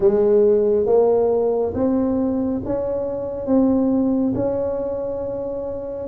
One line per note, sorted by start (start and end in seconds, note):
0.00 0.86 G#3
0.86 1.73 A#3
1.74 2.61 C4
2.65 3.46 C#4
3.46 4.33 C4
4.34 6.08 C#4